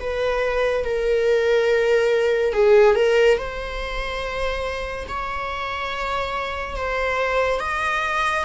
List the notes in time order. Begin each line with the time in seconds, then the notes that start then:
0.00 B4
0.85 A#4
2.53 G#4
2.95 A#4
3.38 C5
5.08 C#5
6.76 C5
7.60 D#5